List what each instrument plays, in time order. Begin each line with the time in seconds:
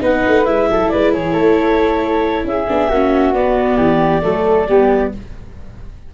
0.00 tuba B3, viola D#4, flute B4, clarinet F#5
0.27 tuba A3
0.45 tuba G#3, viola E4, clarinet E5
0.69 tuba F#3, flute A4
0.89 tuba G#3, flute B4, clarinet D5
1.13 tuba E3, flute G#4, clarinet C#5
1.33 tuba A3, flute A4
2.44 tuba C#4, flute G#4, clarinet E5
2.68 tuba B3, viola D4
2.89 tuba A#3, viola C#4, flute F#4
3.33 tuba B3, viola B3, clarinet D5
3.77 tuba E3, flute G4
4.22 tuba F#3, viola A3, flute A4
4.68 tuba G3, viola B3, flute G4